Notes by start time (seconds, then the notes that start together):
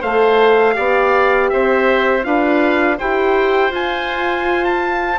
0.00 A3 A4 C5 F5
0.74 B3 G4 D5
1.50 C4 C5 E5
2.23 D4 F4 B4 F5
2.98 E4 G4 C5 G5
3.71 F4 G#5
4.65 A5